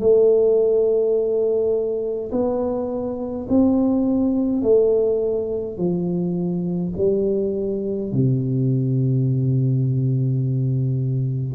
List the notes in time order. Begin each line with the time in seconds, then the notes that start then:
0.00 A3
2.32 B3
3.49 C4
4.63 A3
5.77 F3
6.98 G3
8.13 C3